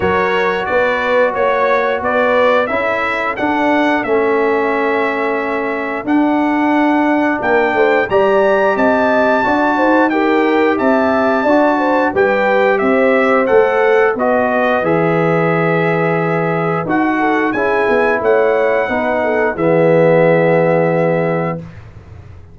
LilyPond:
<<
  \new Staff \with { instrumentName = "trumpet" } { \time 4/4 \tempo 4 = 89 cis''4 d''4 cis''4 d''4 | e''4 fis''4 e''2~ | e''4 fis''2 g''4 | ais''4 a''2 g''4 |
a''2 g''4 e''4 | fis''4 dis''4 e''2~ | e''4 fis''4 gis''4 fis''4~ | fis''4 e''2. | }
  \new Staff \with { instrumentName = "horn" } { \time 4/4 ais'4 b'4 cis''4 b'4 | a'1~ | a'2. ais'8 c''8 | d''4 dis''4 d''8 c''8 ais'4 |
e''4 d''8 c''8 b'4 c''4~ | c''4 b'2.~ | b'4. a'8 gis'4 cis''4 | b'8 a'8 gis'2. | }
  \new Staff \with { instrumentName = "trombone" } { \time 4/4 fis'1 | e'4 d'4 cis'2~ | cis'4 d'2. | g'2 fis'4 g'4~ |
g'4 fis'4 g'2 | a'4 fis'4 gis'2~ | gis'4 fis'4 e'2 | dis'4 b2. | }
  \new Staff \with { instrumentName = "tuba" } { \time 4/4 fis4 b4 ais4 b4 | cis'4 d'4 a2~ | a4 d'2 ais8 a8 | g4 c'4 d'8 dis'4. |
c'4 d'4 g4 c'4 | a4 b4 e2~ | e4 dis'4 cis'8 b8 a4 | b4 e2. | }
>>